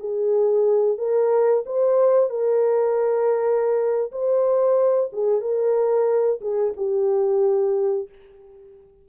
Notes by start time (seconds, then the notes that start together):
0.00 G#4
0.98 A#4
1.66 C5
2.30 A#4
4.12 C5
5.13 G#4
5.41 A#4
6.41 G#4
6.77 G4